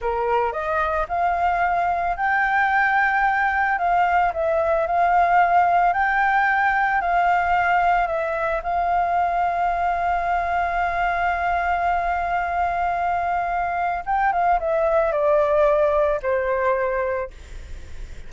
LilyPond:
\new Staff \with { instrumentName = "flute" } { \time 4/4 \tempo 4 = 111 ais'4 dis''4 f''2 | g''2. f''4 | e''4 f''2 g''4~ | g''4 f''2 e''4 |
f''1~ | f''1~ | f''2 g''8 f''8 e''4 | d''2 c''2 | }